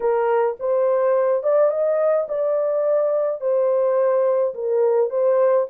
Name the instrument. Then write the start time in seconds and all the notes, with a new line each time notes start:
horn
0.00 A#4
0.59 C5
1.43 D5
1.70 D#5
2.28 D5
3.40 C5
4.54 A#4
5.10 C5